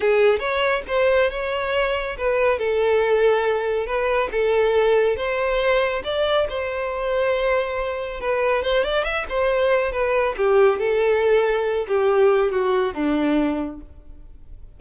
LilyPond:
\new Staff \with { instrumentName = "violin" } { \time 4/4 \tempo 4 = 139 gis'4 cis''4 c''4 cis''4~ | cis''4 b'4 a'2~ | a'4 b'4 a'2 | c''2 d''4 c''4~ |
c''2. b'4 | c''8 d''8 e''8 c''4. b'4 | g'4 a'2~ a'8 g'8~ | g'4 fis'4 d'2 | }